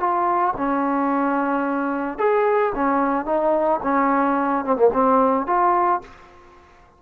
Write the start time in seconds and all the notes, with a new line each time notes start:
0.00 F4
0.58 C#4
2.19 G#4
2.75 C#4
3.26 D#4
3.84 C#4
4.65 C4
4.77 A#3
4.94 C4
5.47 F4